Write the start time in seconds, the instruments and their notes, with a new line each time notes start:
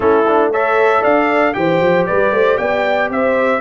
0.00 tuba A3, trombone C#4, horn E4, trumpet A4
0.27 trombone D4
0.50 trombone A4, horn C#5, trumpet E5
1.01 tuba D4, horn D5, trumpet F5
1.53 tuba E3, trombone G4, horn C5, trumpet G5
1.80 tuba F3
2.06 tuba G3, horn B4, trumpet D5
2.31 tuba A3, horn C5
2.57 tuba B3, horn D5, trumpet G5
3.09 tuba C4, horn C5, trumpet E5